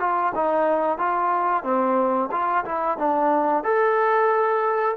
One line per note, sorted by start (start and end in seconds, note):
0.00 0.33 F4
0.35 0.99 D#4
0.99 1.64 F4
1.64 2.30 C4
2.32 2.65 F4
2.66 2.98 E4
2.98 3.64 D4
3.64 4.96 A4